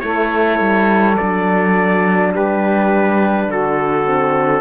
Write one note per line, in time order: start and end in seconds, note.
0.00 0.60 A3
0.00 1.15 E4
0.00 2.31 A4
0.00 1.15 C#5
0.60 1.18 G3
1.17 2.35 F#3
1.17 4.05 D4
1.17 2.32 D5
2.31 3.49 G3
2.31 3.46 G4
2.31 3.51 B4
3.49 4.61 D3
3.49 4.61 F#4
3.49 4.61 A4
4.05 4.61 C4